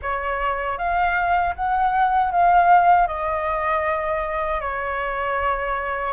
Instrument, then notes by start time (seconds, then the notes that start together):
flute
0.01 C#5
0.77 F5
1.55 F#5
2.31 F5
3.07 D#5
4.60 C#5